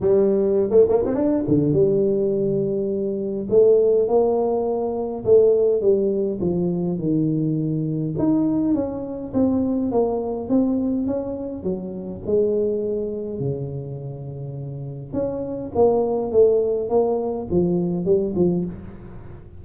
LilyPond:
\new Staff \with { instrumentName = "tuba" } { \time 4/4 \tempo 4 = 103 g4~ g16 a16 ais16 c'16 d'8 d8 g4~ | g2 a4 ais4~ | ais4 a4 g4 f4 | dis2 dis'4 cis'4 |
c'4 ais4 c'4 cis'4 | fis4 gis2 cis4~ | cis2 cis'4 ais4 | a4 ais4 f4 g8 f8 | }